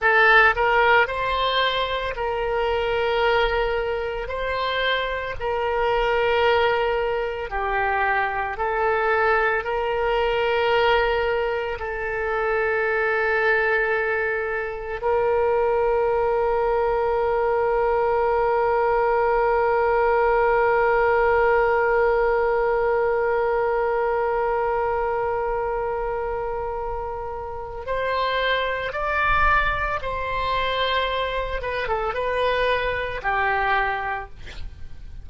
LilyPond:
\new Staff \with { instrumentName = "oboe" } { \time 4/4 \tempo 4 = 56 a'8 ais'8 c''4 ais'2 | c''4 ais'2 g'4 | a'4 ais'2 a'4~ | a'2 ais'2~ |
ais'1~ | ais'1~ | ais'2 c''4 d''4 | c''4. b'16 a'16 b'4 g'4 | }